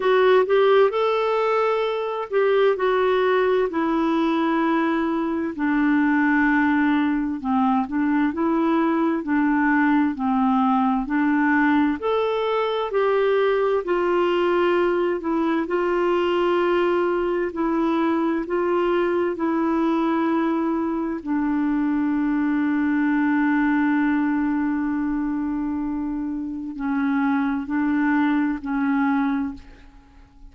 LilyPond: \new Staff \with { instrumentName = "clarinet" } { \time 4/4 \tempo 4 = 65 fis'8 g'8 a'4. g'8 fis'4 | e'2 d'2 | c'8 d'8 e'4 d'4 c'4 | d'4 a'4 g'4 f'4~ |
f'8 e'8 f'2 e'4 | f'4 e'2 d'4~ | d'1~ | d'4 cis'4 d'4 cis'4 | }